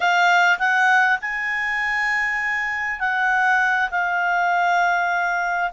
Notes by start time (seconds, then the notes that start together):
0.00 F5
0.58 F#5
1.21 G#5
2.99 F#5
3.91 F5